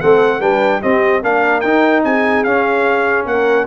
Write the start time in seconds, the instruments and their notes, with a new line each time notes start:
0.00 tuba A3, trombone C4, horn A4, trumpet F#5
0.40 tuba G3, trombone D4, horn B4, trumpet G5
0.82 trombone C4, tuba C4, horn G4, trumpet D#5
1.22 tuba A#3, trombone D4, horn A#4, trumpet F5
1.60 tuba D#4, trombone D#4, trumpet G5
2.04 tuba C4, horn G#4, trumpet G#5
2.44 tuba C#4, trombone C#4, trumpet F5
3.26 tuba A#3, horn A#4, trumpet F#5